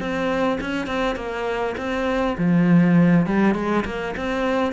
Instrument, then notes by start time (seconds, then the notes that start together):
cello
0.00 C4
0.61 C#4
0.87 C4
1.16 A#3
1.77 C4
2.38 F3
3.26 G3
3.55 G#3
3.85 A#3
4.17 C4